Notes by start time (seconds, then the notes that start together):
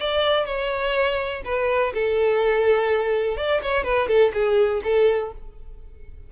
0.00 D5
0.46 C#5
1.45 B4
1.94 A4
3.37 D5
3.62 C#5
3.84 B4
4.08 A4
4.33 G#4
4.83 A4